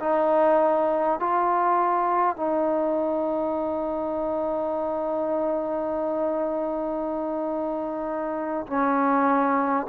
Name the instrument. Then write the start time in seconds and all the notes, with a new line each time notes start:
trombone
0.00 D#4
1.19 F4
2.36 D#4
8.67 C#4